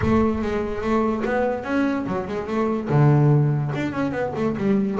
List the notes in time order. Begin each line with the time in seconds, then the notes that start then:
0.01 A3
0.42 G#3
0.81 A3
1.25 B3
1.64 C#4
2.07 F#3
2.27 G#3
2.47 A3
2.89 D3
3.75 D4
3.92 C#4
4.11 B3
4.35 A3
4.57 G3